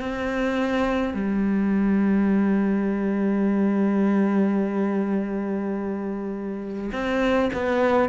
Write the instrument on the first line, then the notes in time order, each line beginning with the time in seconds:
cello
0.00 C4
1.14 G3
6.92 C4
7.53 B3